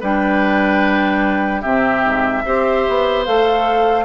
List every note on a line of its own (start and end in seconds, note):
0.00 1.64 G3
0.00 1.63 D4
0.00 1.61 B4
0.00 1.62 G5
1.61 2.05 C3
1.61 2.44 C4
1.61 2.42 G4
1.61 3.24 E5
2.05 2.45 G#2
2.45 2.86 C4
2.45 3.26 G4
2.45 4.05 C5
2.88 3.27 B3
3.25 4.05 A3
3.25 4.05 A4
3.25 4.05 F5